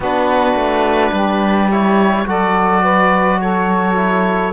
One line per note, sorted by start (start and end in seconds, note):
0.00 0.54 B3
0.00 1.71 D4
0.00 1.12 F#4
0.00 1.71 B4
0.54 1.11 A3
1.12 2.25 G3
1.12 2.26 G4
1.71 2.26 E4
1.71 2.28 C#5
2.26 4.53 F#3
2.26 3.95 F#4
2.26 2.82 A4
2.26 3.41 D5
2.82 3.38 B4
3.41 4.53 A4
3.41 4.53 C#5
3.95 4.52 E4